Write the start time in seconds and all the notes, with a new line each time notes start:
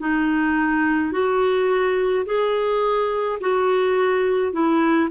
0.00 D#4
1.12 F#4
2.26 G#4
3.40 F#4
4.53 E4